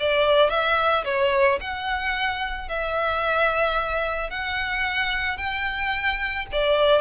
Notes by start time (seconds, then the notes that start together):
0.00 D5
0.50 E5
1.05 C#5
1.61 F#5
2.69 E5
4.31 F#5
5.38 G5
6.52 D5